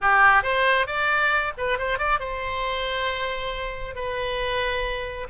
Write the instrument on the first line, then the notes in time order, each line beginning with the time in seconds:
oboe
0.01 G4
0.43 C5
0.86 D5
1.57 B4
1.78 C5
1.98 D5
2.19 C5
3.95 B4